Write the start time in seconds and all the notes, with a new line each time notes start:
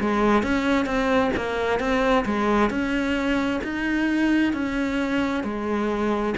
0.00 G#3
0.42 C#4
0.85 C4
1.36 A#3
1.79 C4
2.25 G#3
2.69 C#4
3.63 D#4
4.53 C#4
5.43 G#3